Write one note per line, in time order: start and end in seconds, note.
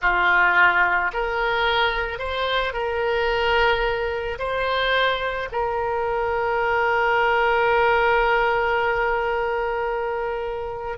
0.01 1.11 F4
1.13 2.18 A#4
2.18 2.73 C5
2.73 4.38 A#4
4.38 5.48 C5
5.51 10.98 A#4